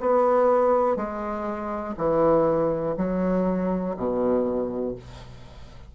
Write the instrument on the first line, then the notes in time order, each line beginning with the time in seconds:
bassoon
0.00 B3
0.96 G#3
1.97 E3
2.97 F#3
3.97 B2